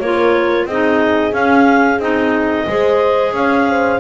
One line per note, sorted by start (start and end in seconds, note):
0.00 0.65 A#3
0.00 0.70 F4
0.00 0.67 A#4
0.00 0.67 C#5
0.65 1.32 C4
0.65 1.32 D#4
0.65 2.67 G#4
0.65 1.33 D#5
1.32 1.98 C#4
1.32 1.99 C#4
1.32 2.00 F5
1.99 2.66 C4
1.99 2.68 D#4
1.99 3.33 D#5
2.67 3.33 G#3
2.67 4.01 G#4
2.67 3.34 C5
3.33 4.00 C#4
3.33 3.68 C#5
3.33 4.01 F5
3.69 4.01 C5